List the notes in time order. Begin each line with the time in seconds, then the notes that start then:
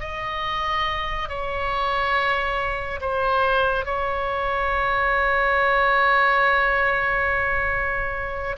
0.00 D#5
1.29 C#5
3.01 C5
3.85 C#5